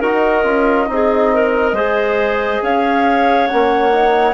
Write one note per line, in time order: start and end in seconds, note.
0.00 0.44 D#4
0.00 0.45 F#4
0.00 0.87 A#4
0.00 2.63 D#5
0.44 0.88 C#4
0.44 0.87 F4
0.87 1.72 C4
0.87 1.74 D#4
0.93 1.34 G#4
1.34 1.75 A#4
1.72 2.59 G#3
1.72 3.50 G#4
1.72 2.62 C5
2.62 3.49 C#4
2.62 4.33 C#5
2.62 3.47 F5
3.47 4.33 A#3
3.47 3.92 C#4
3.47 4.33 F#5
3.92 4.33 D#4